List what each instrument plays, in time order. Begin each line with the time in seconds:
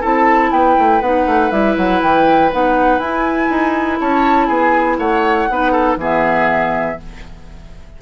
0.00 bassoon C4, clarinet E4, oboe A4, flute A5
0.51 bassoon B3, oboe B4, flute G5
0.78 bassoon A3
1.00 bassoon B3, clarinet D#4, flute F#5
1.26 bassoon A3
1.50 bassoon G3, clarinet E4, flute E5
1.76 bassoon F#3, flute F#5
2.02 bassoon E3, flute G5
2.51 bassoon B3, clarinet D#4, flute F#5
2.98 bassoon E4, clarinet E4, flute G#5
3.50 bassoon D#4
4.00 bassoon C#4, oboe C#5, flute A5
4.47 bassoon B3, oboe G#4, flute G#5
4.98 bassoon A3, oboe C#5, flute F#5
5.49 bassoon B3, clarinet D#4, oboe B4
5.71 oboe A4
5.96 bassoon E3, clarinet B3, oboe G#4, flute E5